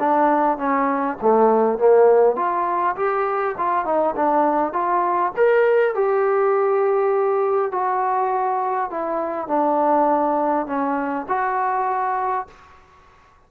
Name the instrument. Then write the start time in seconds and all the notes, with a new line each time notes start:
trombone
0.00 D4
0.58 C#4
1.22 A3
1.79 A#3
2.37 F4
2.96 G4
3.58 F4
3.85 D#4
4.16 D4
4.73 F4
5.37 A#4
5.95 G4
7.72 F#4
8.91 E4
9.48 D4
10.67 C#4
11.29 F#4